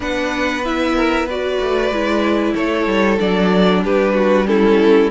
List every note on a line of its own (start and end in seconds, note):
0.00 1.58 B3
0.00 0.62 D4
0.00 0.95 B4
0.00 0.64 F#5
0.64 1.29 E4
0.64 1.28 E5
0.95 1.25 A#4
1.25 1.93 F#4
1.25 2.53 B4
1.25 2.55 D5
1.60 1.90 A3
1.90 2.54 G#3
1.90 3.19 E4
2.53 2.86 A3
2.53 3.81 A4
2.53 3.18 C#5
2.86 3.18 G3
3.19 3.84 F#3
3.19 4.45 D4
3.19 3.83 D5
3.83 5.10 G3
3.83 4.14 G4
3.83 4.47 B4
4.14 4.46 F#4
4.45 5.09 C#4
4.45 5.10 E4
4.45 5.10 A4